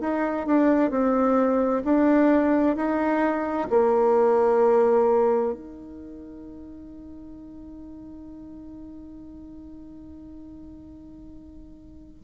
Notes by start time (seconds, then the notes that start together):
0.00 D#4
0.46 D4
0.90 C4
1.84 D4
2.76 D#4
3.70 A#3
5.53 D#4